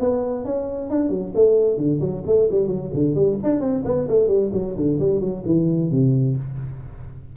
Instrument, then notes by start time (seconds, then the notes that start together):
tuba
0.00 B3
0.45 C#4
0.90 D4
1.10 F#3
1.35 A3
1.77 D3
2.01 F#3
2.26 A3
2.51 G3
2.68 F#3
2.94 D3
3.15 G3
3.43 D4
3.61 C4
3.85 B3
4.08 A3
4.28 G3
4.53 F#3
4.76 D3
4.99 G3
5.20 F#3
5.46 E3
5.91 C3